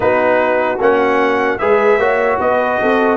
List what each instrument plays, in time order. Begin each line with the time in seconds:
0.00 tuba B3, trombone D#4, horn F#4, trumpet B4
0.80 tuba A#3, trombone C#4, trumpet F#5
1.58 tuba G#3, trombone G#4, horn B4, trumpet E5
1.98 tuba A#3, trombone F#4, horn C#5
2.39 tuba B3, horn B4, trumpet D#5
2.80 tuba C4, horn A4